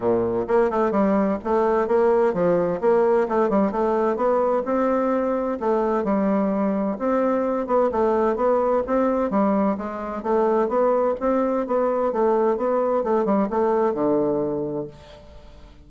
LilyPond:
\new Staff \with { instrumentName = "bassoon" } { \time 4/4 \tempo 4 = 129 ais,4 ais8 a8 g4 a4 | ais4 f4 ais4 a8 g8 | a4 b4 c'2 | a4 g2 c'4~ |
c'8 b8 a4 b4 c'4 | g4 gis4 a4 b4 | c'4 b4 a4 b4 | a8 g8 a4 d2 | }